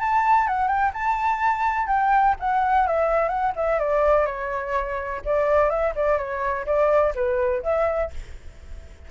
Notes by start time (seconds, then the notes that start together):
0.00 A5
0.48 F#5
0.68 G5
0.94 A5
1.87 G5
2.40 F#5
2.87 E5
3.29 F#5
3.56 E5
3.80 D5
4.26 C#5
5.25 D5
5.70 E5
5.96 D5
6.18 C#5
6.66 D5
7.16 B4
7.63 E5